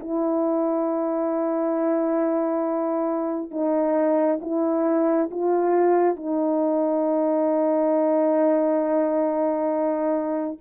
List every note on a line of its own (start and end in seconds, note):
0.00 3.51 E4
3.51 4.40 D#4
4.42 5.30 E4
5.31 6.16 F4
6.16 10.57 D#4